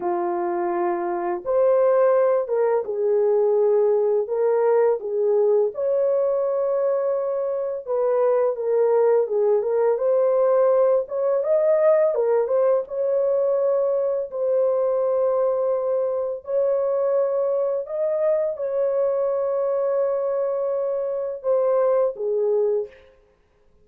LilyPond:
\new Staff \with { instrumentName = "horn" } { \time 4/4 \tempo 4 = 84 f'2 c''4. ais'8 | gis'2 ais'4 gis'4 | cis''2. b'4 | ais'4 gis'8 ais'8 c''4. cis''8 |
dis''4 ais'8 c''8 cis''2 | c''2. cis''4~ | cis''4 dis''4 cis''2~ | cis''2 c''4 gis'4 | }